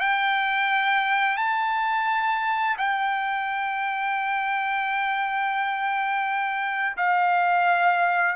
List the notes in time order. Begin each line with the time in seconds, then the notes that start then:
0.00 G5
1.37 A5
2.77 G5
6.97 F5